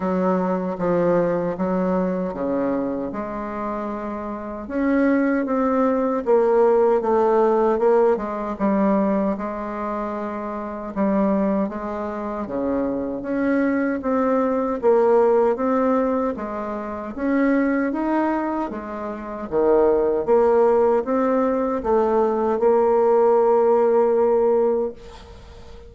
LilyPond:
\new Staff \with { instrumentName = "bassoon" } { \time 4/4 \tempo 4 = 77 fis4 f4 fis4 cis4 | gis2 cis'4 c'4 | ais4 a4 ais8 gis8 g4 | gis2 g4 gis4 |
cis4 cis'4 c'4 ais4 | c'4 gis4 cis'4 dis'4 | gis4 dis4 ais4 c'4 | a4 ais2. | }